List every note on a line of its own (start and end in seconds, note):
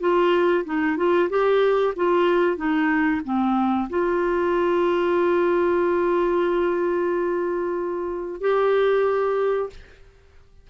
0.00 0.65 F4
0.65 0.97 D#4
0.97 1.29 F4
1.30 1.94 G4
1.96 2.57 F4
2.57 3.22 D#4
3.25 3.89 C4
3.90 8.41 F4
8.41 9.70 G4